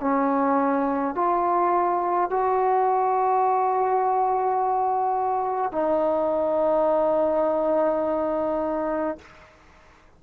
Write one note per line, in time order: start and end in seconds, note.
0.00 1.15 C#4
1.15 2.30 F4
2.30 5.72 F#4
5.72 9.18 D#4